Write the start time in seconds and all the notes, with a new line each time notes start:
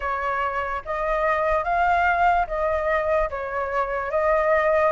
0.00 C#5
0.85 D#5
1.64 F5
2.47 D#5
3.30 C#5
4.11 D#5